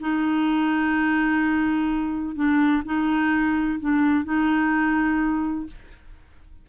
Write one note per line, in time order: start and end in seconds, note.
0.00 2.35 D#4
2.35 2.82 D4
2.85 3.79 D#4
3.79 4.25 D4
4.25 5.66 D#4